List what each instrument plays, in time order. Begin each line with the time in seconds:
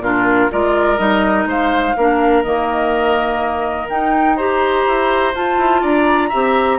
0.00 bassoon A#2, clarinet D4, oboe F4, flute A#4
0.51 bassoon G#3, clarinet F4, oboe A#4, flute D5
0.98 bassoon G3, clarinet D#4, flute D#5
1.46 bassoon G#3, oboe C5, flute F5
1.97 bassoon A#3, clarinet D4, oboe A#4
2.43 bassoon D#3, clarinet A#3, flute D#5
3.90 bassoon D#4, clarinet D#4, flute G5
4.36 clarinet G4, oboe C5, flute A#5
4.87 bassoon E4
5.34 bassoon F4, clarinet F4, flute A5
5.58 bassoon E4
5.82 bassoon D4, oboe D5, flute A#5
6.29 bassoon C4, clarinet G4, oboe E5